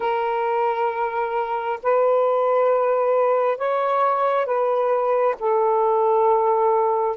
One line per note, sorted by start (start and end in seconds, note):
0.00 1.79 A#4
1.82 3.57 B4
3.57 4.45 C#5
4.45 5.35 B4
5.39 7.16 A4